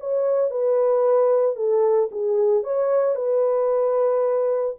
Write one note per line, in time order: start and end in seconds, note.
0.00 0.51 C#5
0.51 1.56 B4
1.56 2.10 A4
2.12 2.64 G#4
2.64 3.16 C#5
3.16 4.76 B4